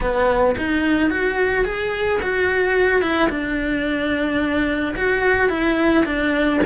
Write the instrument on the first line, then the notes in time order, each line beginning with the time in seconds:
cello
0.00 B3
0.57 D#4
1.10 F#4
1.64 G#4
2.21 F#4
3.01 E4
3.29 D4
4.96 F#4
5.49 E4
6.05 D4